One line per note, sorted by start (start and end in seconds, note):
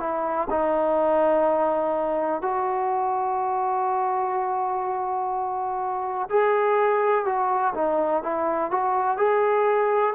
0.00 0.48 E4
0.50 2.42 D#4
2.42 6.29 F#4
6.30 7.26 G#4
7.26 7.74 F#4
7.75 8.23 D#4
8.23 8.71 E4
8.71 9.18 F#4
9.18 10.14 G#4